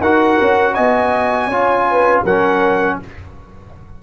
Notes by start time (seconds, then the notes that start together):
0.00 D#4 F#4 A#4 F#5
0.41 C#4
0.74 B3 D#5 G#5
1.47 C#4 F4 C#5
1.90 B4
2.24 F#3 C#4 A#4 F#5